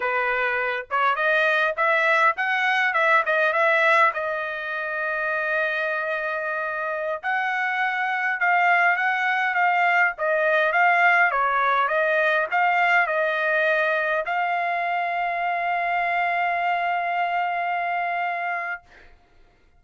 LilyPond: \new Staff \with { instrumentName = "trumpet" } { \time 4/4 \tempo 4 = 102 b'4. cis''8 dis''4 e''4 | fis''4 e''8 dis''8 e''4 dis''4~ | dis''1~ | dis''16 fis''2 f''4 fis''8.~ |
fis''16 f''4 dis''4 f''4 cis''8.~ | cis''16 dis''4 f''4 dis''4.~ dis''16~ | dis''16 f''2.~ f''8.~ | f''1 | }